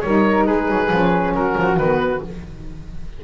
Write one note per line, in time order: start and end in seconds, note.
0.00 0.47 G3
0.00 0.91 D#4
0.00 0.47 A#4
0.00 0.44 C#5
0.46 0.68 G#3
0.46 1.34 G#4
0.46 1.33 B4
0.68 0.90 F#3
0.91 1.34 F3
0.91 1.79 C#4
1.34 1.55 F#3
1.34 2.24 F#4
1.34 1.77 A#4
1.57 1.77 F3
1.77 2.21 D#3
1.77 2.22 B3
1.77 2.21 B4